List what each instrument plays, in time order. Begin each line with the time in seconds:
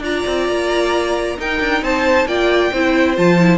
0.00 cello D4, viola F4, violin D5 A#5
0.26 cello C4
0.49 cello A#3
1.38 viola D#4, cello D#4, violin A#4 G5
1.60 cello D4
1.82 cello C4, violin C5 A5
2.26 cello A#3, viola F4, violin D5 G5
2.72 cello C4, viola E4, violin C5
3.17 cello F3, viola F4, violin A5
3.39 viola E4